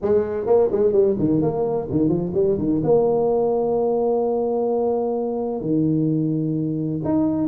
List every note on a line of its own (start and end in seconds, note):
0.01 0.46 G#3
0.46 0.69 A#3
0.71 0.92 G#3
0.92 1.15 G3
1.18 1.41 D#3
1.41 1.88 A#3
1.90 2.08 D#3
2.08 2.32 F3
2.34 2.57 G3
2.58 2.81 D#3
2.83 5.61 A#3
5.61 7.01 D#3
7.04 7.48 D#4